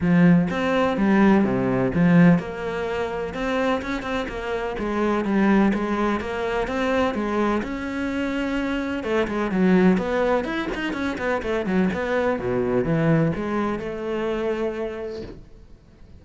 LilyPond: \new Staff \with { instrumentName = "cello" } { \time 4/4 \tempo 4 = 126 f4 c'4 g4 c4 | f4 ais2 c'4 | cis'8 c'8 ais4 gis4 g4 | gis4 ais4 c'4 gis4 |
cis'2. a8 gis8 | fis4 b4 e'8 dis'8 cis'8 b8 | a8 fis8 b4 b,4 e4 | gis4 a2. | }